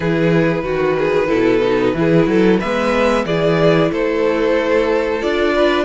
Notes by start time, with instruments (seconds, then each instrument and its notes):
0.00 cello E3, viola E4, violin G#4 B4
0.64 cello D#3, violin F#4, viola F#4
0.98 violin G#4
1.27 cello B2, viola E4, violin A4
1.63 viola D#4
1.93 cello E3, viola E4, violin G#4
2.26 cello F#3, violin A4
2.59 cello G#3, viola B3, violin B4 E5
3.25 cello E3, viola E4, violin G#4 D5
3.91 cello A3, violin A4 C5
5.21 cello D4, viola F4, violin D5
5.54 violin B4